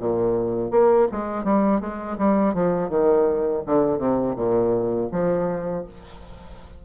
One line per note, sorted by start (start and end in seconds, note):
0.00 0.72 A#2
0.72 1.08 A#3
1.12 1.45 G#3
1.45 1.81 G3
1.81 2.17 G#3
2.19 2.55 G3
2.55 2.90 F3
2.90 3.63 D#3
3.67 3.99 D3
3.99 4.35 C3
4.36 5.10 A#2
5.12 5.85 F3